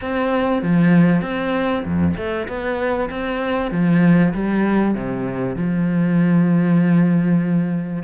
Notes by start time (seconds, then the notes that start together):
0.01 C4
0.62 F3
1.21 C4
1.84 F2
2.16 A3
2.47 B3
3.10 C4
3.71 F3
4.33 G3
4.95 C3
5.56 F3